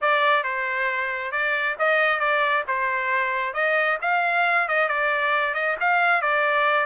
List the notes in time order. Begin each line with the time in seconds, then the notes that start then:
0.01 D5
0.43 C5
1.31 D5
1.78 D#5
2.19 D5
2.67 C5
3.53 D#5
4.01 F5
4.68 D#5
4.88 D5
5.54 D#5
5.80 F5
6.21 D5